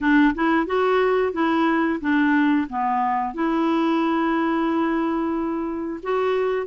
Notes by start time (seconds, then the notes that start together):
0.01 D4
0.34 E4
0.66 F#4
1.32 E4
2.00 D4
2.68 B3
3.33 E4
6.02 F#4